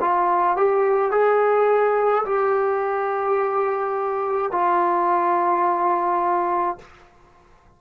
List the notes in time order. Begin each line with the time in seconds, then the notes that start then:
0.00 F4
0.56 G4
1.11 G#4
2.25 G4
4.51 F4